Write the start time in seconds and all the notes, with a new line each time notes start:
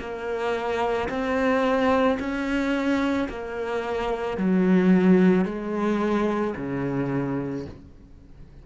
0.00 A#3
1.10 C4
2.20 C#4
3.29 A#3
4.37 F#3
5.45 G#3
6.57 C#3